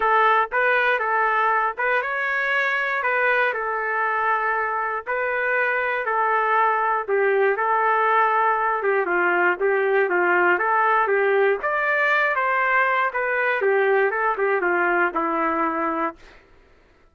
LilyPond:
\new Staff \with { instrumentName = "trumpet" } { \time 4/4 \tempo 4 = 119 a'4 b'4 a'4. b'8 | cis''2 b'4 a'4~ | a'2 b'2 | a'2 g'4 a'4~ |
a'4. g'8 f'4 g'4 | f'4 a'4 g'4 d''4~ | d''8 c''4. b'4 g'4 | a'8 g'8 f'4 e'2 | }